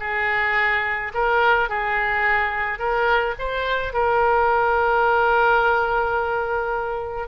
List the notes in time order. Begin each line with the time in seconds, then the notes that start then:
0.00 G#4
1.14 A#4
1.69 G#4
2.79 A#4
3.39 C5
3.93 A#4